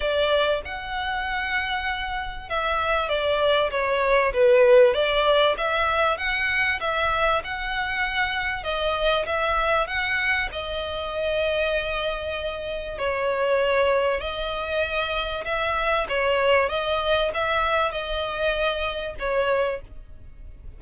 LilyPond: \new Staff \with { instrumentName = "violin" } { \time 4/4 \tempo 4 = 97 d''4 fis''2. | e''4 d''4 cis''4 b'4 | d''4 e''4 fis''4 e''4 | fis''2 dis''4 e''4 |
fis''4 dis''2.~ | dis''4 cis''2 dis''4~ | dis''4 e''4 cis''4 dis''4 | e''4 dis''2 cis''4 | }